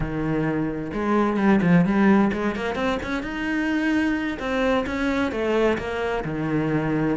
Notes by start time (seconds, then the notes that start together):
0.00 D#3
0.93 G#3
1.36 G3
1.62 F3
1.85 G3
2.32 G#3
2.55 A#3
2.75 C4
3.02 C#4
3.22 D#4
4.39 C4
4.86 C#4
5.31 A3
5.78 A#3
6.24 D#3